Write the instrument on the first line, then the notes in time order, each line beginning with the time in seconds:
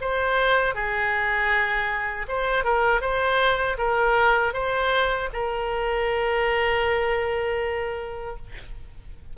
oboe
0.00 C5
0.74 G#4
2.28 C5
2.64 A#4
3.01 C5
3.77 A#4
4.53 C5
5.32 A#4